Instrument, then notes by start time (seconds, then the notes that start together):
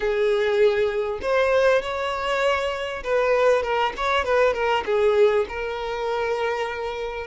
violin
0.00 G#4
1.21 C5
1.82 C#5
3.03 B4
3.62 A#4
3.96 C#5
4.24 B4
4.53 A#4
4.85 G#4
5.48 A#4